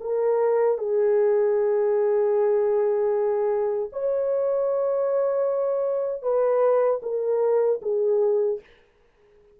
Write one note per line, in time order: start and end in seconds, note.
0.00 0.78 A#4
0.78 3.89 G#4
3.92 6.22 C#5
6.22 7.00 B4
7.02 7.80 A#4
7.82 8.60 G#4